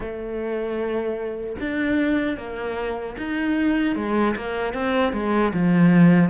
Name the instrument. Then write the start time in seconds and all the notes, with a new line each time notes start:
cello
0.00 A3
1.60 D4
2.37 A#3
3.17 D#4
3.95 G#3
4.36 A#3
4.73 C4
5.12 G#3
5.53 F3